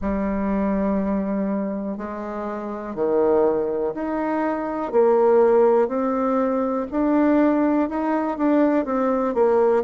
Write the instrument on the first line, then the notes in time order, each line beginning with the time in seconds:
bassoon
0.01 G3
1.97 G#3
2.95 D#3
3.94 D#4
4.92 A#3
5.87 C4
6.91 D4
7.89 D#4
8.37 D4
8.85 C4
9.34 A#3